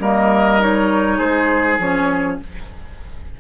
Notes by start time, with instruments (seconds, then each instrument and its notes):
0.00 bassoon G3, clarinet A#3, oboe A#4, flute D#5
0.60 clarinet D#4, flute C#5
1.18 bassoon G#3, oboe G#4, flute C5
1.79 bassoon F3, clarinet C#4, flute C#5